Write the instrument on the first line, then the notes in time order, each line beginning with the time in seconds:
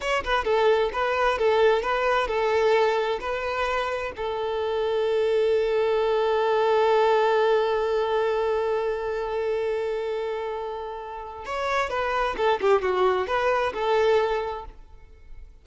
violin
0.00 C#5
0.24 B4
0.44 A4
0.92 B4
1.38 A4
1.82 B4
2.27 A4
3.20 B4
4.16 A4
11.45 C#5
11.89 B4
12.37 A4
12.60 G4
12.82 F#4
13.27 B4
13.73 A4